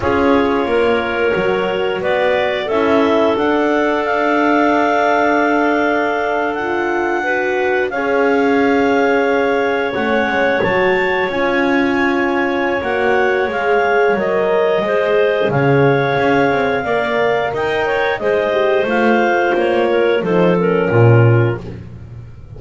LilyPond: <<
  \new Staff \with { instrumentName = "clarinet" } { \time 4/4 \tempo 4 = 89 cis''2. d''4 | e''4 fis''4 f''2~ | f''4.~ f''16 fis''2 f''16~ | f''2~ f''8. fis''4 a''16~ |
a''8. gis''2~ gis''16 fis''4 | f''4 dis''2 f''4~ | f''2 g''4 dis''4 | f''4 cis''4 c''8 ais'4. | }
  \new Staff \with { instrumentName = "clarinet" } { \time 4/4 gis'4 ais'2 b'4 | a'1~ | a'2~ a'8. b'4 cis''16~ | cis''1~ |
cis''1~ | cis''2 c''4 cis''4~ | cis''4 d''4 dis''8 cis''8 c''4~ | c''4. ais'8 a'4 f'4 | }
  \new Staff \with { instrumentName = "horn" } { \time 4/4 f'2 fis'2 | e'4 d'2.~ | d'4.~ d'16 f'4 fis'4 gis'16~ | gis'2~ gis'8. cis'4 fis'16~ |
fis'8. f'2~ f'16 fis'4 | gis'4 ais'4 gis'2~ | gis'4 ais'2 gis'8 g'8 | f'2 dis'8 cis'4. | }
  \new Staff \with { instrumentName = "double bass" } { \time 4/4 cis'4 ais4 fis4 b4 | cis'4 d'2.~ | d'2.~ d'8. cis'16~ | cis'2~ cis'8. a8 gis8 fis16~ |
fis8. cis'2~ cis'16 ais4 | gis4 fis4 gis4 cis4 | cis'8 c'8 ais4 dis'4 gis4 | a4 ais4 f4 ais,4 | }
>>